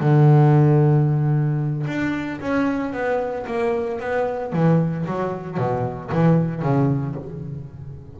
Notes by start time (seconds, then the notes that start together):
0.00 D3
1.87 D4
2.40 C#4
2.93 B3
3.47 A#3
4.00 B3
4.53 E3
5.06 F#3
5.57 B2
6.12 E3
6.62 C#3